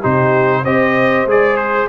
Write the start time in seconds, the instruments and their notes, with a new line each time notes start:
0.00 tuba C3, trombone D#4, horn G4, trumpet C5
0.64 tuba C4, trombone G4, horn C5, trumpet D#5
1.26 tuba G#3, trombone G#4, trumpet D5
1.57 trumpet C5